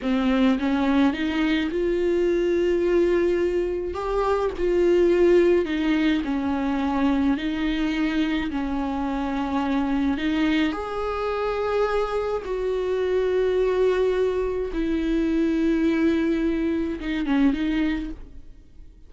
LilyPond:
\new Staff \with { instrumentName = "viola" } { \time 4/4 \tempo 4 = 106 c'4 cis'4 dis'4 f'4~ | f'2. g'4 | f'2 dis'4 cis'4~ | cis'4 dis'2 cis'4~ |
cis'2 dis'4 gis'4~ | gis'2 fis'2~ | fis'2 e'2~ | e'2 dis'8 cis'8 dis'4 | }